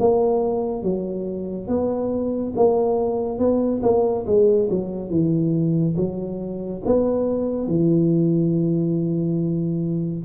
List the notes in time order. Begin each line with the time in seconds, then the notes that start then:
0.00 A#3
0.83 F#3
1.68 B3
2.56 A#3
3.39 B3
3.83 A#3
4.27 G#3
4.70 F#3
5.10 E3
5.96 F#3
6.85 B3
7.68 E3